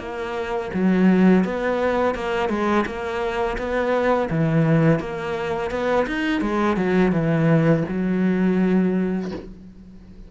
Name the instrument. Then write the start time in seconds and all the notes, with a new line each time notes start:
cello
0.00 A#3
0.74 F#3
1.45 B3
2.15 A#3
2.50 G#3
2.86 A#3
3.58 B3
4.31 E3
5.00 A#3
5.71 B3
6.07 D#4
6.42 G#3
6.77 F#3
7.12 E3
7.89 F#3